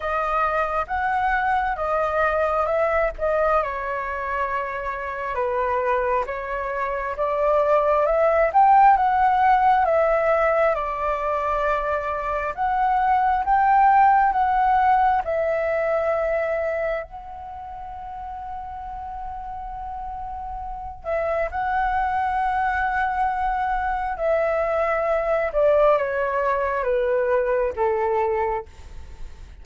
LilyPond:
\new Staff \with { instrumentName = "flute" } { \time 4/4 \tempo 4 = 67 dis''4 fis''4 dis''4 e''8 dis''8 | cis''2 b'4 cis''4 | d''4 e''8 g''8 fis''4 e''4 | d''2 fis''4 g''4 |
fis''4 e''2 fis''4~ | fis''2.~ fis''8 e''8 | fis''2. e''4~ | e''8 d''8 cis''4 b'4 a'4 | }